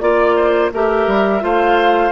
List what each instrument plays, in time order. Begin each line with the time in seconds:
0.00 bassoon A#3, clarinet F4, flute D5, oboe D5
0.36 oboe C5
0.72 bassoon A3, clarinet G4, oboe A#4, flute E5
1.07 bassoon G3
1.40 bassoon A3, clarinet F4, oboe C5, flute F5